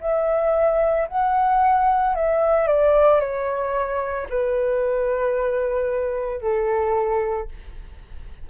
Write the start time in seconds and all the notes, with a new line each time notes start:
0.00 E5
1.08 F#5
2.15 E5
2.66 D5
3.20 C#5
4.29 B4
6.41 A4